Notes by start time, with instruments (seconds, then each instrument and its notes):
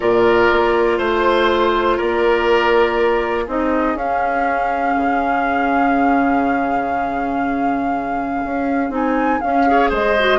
0.00 bassoon A#2, clarinet F4, oboe A#4, flute D5
0.51 bassoon A#3
0.98 bassoon A3, oboe C5, flute C5
1.96 bassoon A#3, oboe A#4, flute D5
3.44 bassoon C4, clarinet D#4, oboe G#4, flute D#5
3.95 bassoon C#4, clarinet C#4, flute F5
4.97 bassoon C#3
8.44 bassoon C#4
8.89 bassoon C4, clarinet D#4, flute G#5
9.40 bassoon C#4, clarinet C#4, flute F5
9.67 clarinet G#4, oboe C#5
9.89 bassoon G#3, oboe C5, flute D#5
10.19 clarinet F#4